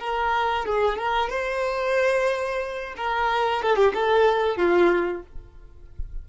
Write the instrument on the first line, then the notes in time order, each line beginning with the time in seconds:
violin
0.00 A#4
0.66 G#4
0.98 A#4
1.30 C5
2.97 A#4
3.63 A4
3.76 G4
3.94 A4
4.57 F4